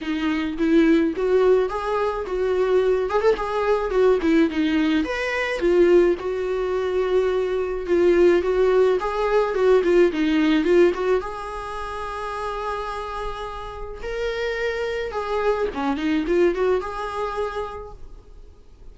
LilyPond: \new Staff \with { instrumentName = "viola" } { \time 4/4 \tempo 4 = 107 dis'4 e'4 fis'4 gis'4 | fis'4. gis'16 a'16 gis'4 fis'8 e'8 | dis'4 b'4 f'4 fis'4~ | fis'2 f'4 fis'4 |
gis'4 fis'8 f'8 dis'4 f'8 fis'8 | gis'1~ | gis'4 ais'2 gis'4 | cis'8 dis'8 f'8 fis'8 gis'2 | }